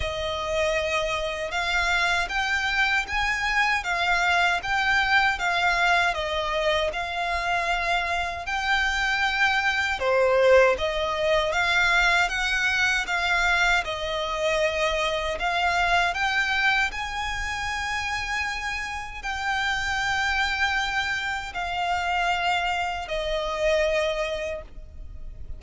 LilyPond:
\new Staff \with { instrumentName = "violin" } { \time 4/4 \tempo 4 = 78 dis''2 f''4 g''4 | gis''4 f''4 g''4 f''4 | dis''4 f''2 g''4~ | g''4 c''4 dis''4 f''4 |
fis''4 f''4 dis''2 | f''4 g''4 gis''2~ | gis''4 g''2. | f''2 dis''2 | }